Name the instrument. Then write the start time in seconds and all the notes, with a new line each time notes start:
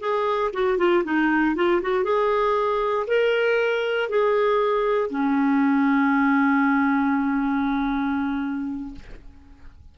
clarinet
0.00 G#4
0.53 F#4
0.78 F4
1.04 D#4
1.55 F4
1.82 F#4
2.04 G#4
3.07 A#4
4.09 G#4
5.10 C#4